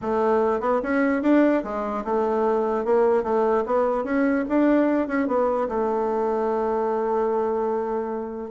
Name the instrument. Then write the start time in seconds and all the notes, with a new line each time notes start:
bassoon
0.01 A3
0.60 B3
0.82 C#4
1.22 D4
1.63 G#3
2.04 A3
2.85 A#3
3.23 A3
3.66 B3
4.04 C#4
4.49 D4
5.07 C#4
5.27 B3
5.68 A3